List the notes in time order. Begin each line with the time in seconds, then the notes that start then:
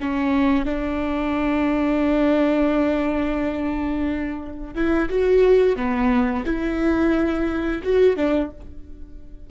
0.00 C#4
0.65 D4
4.74 E4
5.09 F#4
5.76 B3
6.45 E4
7.83 F#4
8.16 D4